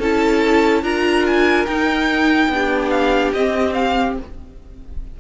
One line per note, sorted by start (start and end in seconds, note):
0.00 0.83 C#4
0.00 0.84 E4
0.00 0.83 A4
0.00 0.84 A5
0.83 1.66 D4
0.83 1.67 F4
0.83 2.50 A#4
0.83 1.26 A#5
1.27 1.66 G#5
1.66 2.48 D#4
1.66 2.52 D#4
1.66 2.90 G5
2.48 3.32 B3
2.48 3.36 D4
2.48 4.20 G4
2.90 3.32 F5
3.34 4.18 C4
3.34 4.20 C4
3.34 3.74 D#5
3.74 4.16 F5